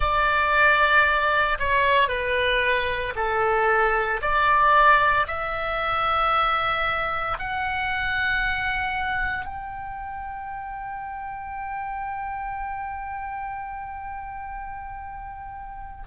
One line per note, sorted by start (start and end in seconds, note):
0.00 1.58 D5
1.59 2.08 C#5
2.08 3.13 B4
3.15 4.21 A4
4.21 5.26 D5
5.27 7.37 E5
7.38 9.44 F#5
9.44 16.03 G5